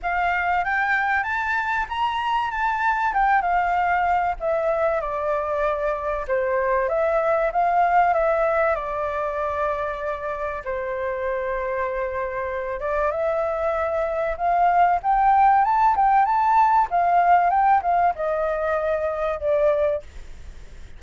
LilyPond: \new Staff \with { instrumentName = "flute" } { \time 4/4 \tempo 4 = 96 f''4 g''4 a''4 ais''4 | a''4 g''8 f''4. e''4 | d''2 c''4 e''4 | f''4 e''4 d''2~ |
d''4 c''2.~ | c''8 d''8 e''2 f''4 | g''4 a''8 g''8 a''4 f''4 | g''8 f''8 dis''2 d''4 | }